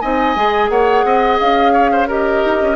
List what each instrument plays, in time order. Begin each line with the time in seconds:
0.00 bassoon C4, clarinet D#4, oboe D#5, flute G#5
0.35 bassoon G#3, clarinet G#4
0.69 bassoon A#3, oboe C#5, flute F#5
1.04 bassoon C4, oboe D#5
1.39 bassoon C#4, flute F5
1.73 oboe C#5
1.92 oboe C5
2.07 clarinet G4, oboe A#4, flute D#5
2.45 bassoon D#4
2.61 bassoon C#4